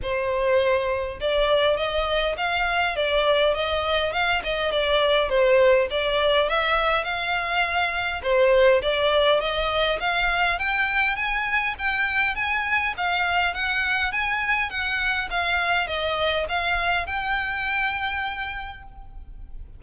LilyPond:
\new Staff \with { instrumentName = "violin" } { \time 4/4 \tempo 4 = 102 c''2 d''4 dis''4 | f''4 d''4 dis''4 f''8 dis''8 | d''4 c''4 d''4 e''4 | f''2 c''4 d''4 |
dis''4 f''4 g''4 gis''4 | g''4 gis''4 f''4 fis''4 | gis''4 fis''4 f''4 dis''4 | f''4 g''2. | }